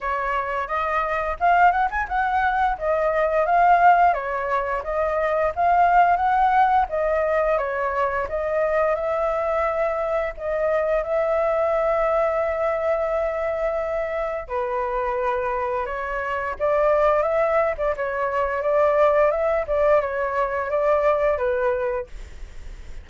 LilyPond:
\new Staff \with { instrumentName = "flute" } { \time 4/4 \tempo 4 = 87 cis''4 dis''4 f''8 fis''16 gis''16 fis''4 | dis''4 f''4 cis''4 dis''4 | f''4 fis''4 dis''4 cis''4 | dis''4 e''2 dis''4 |
e''1~ | e''4 b'2 cis''4 | d''4 e''8. d''16 cis''4 d''4 | e''8 d''8 cis''4 d''4 b'4 | }